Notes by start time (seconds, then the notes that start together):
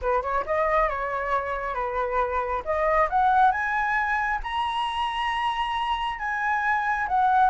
0.01 B4
0.22 C#5
0.46 D#5
0.89 C#5
1.74 B4
2.64 D#5
3.09 F#5
3.51 G#5
4.43 A#5
6.19 G#5
7.08 F#5